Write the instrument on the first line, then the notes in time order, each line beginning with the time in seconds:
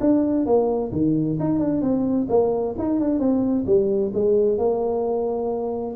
tuba
0.00 D4
0.46 A#3
0.92 D#3
1.39 D#4
1.59 D4
1.81 C4
2.29 A#3
2.78 D#4
3.00 D4
3.19 C4
3.66 G3
4.13 G#3
4.57 A#3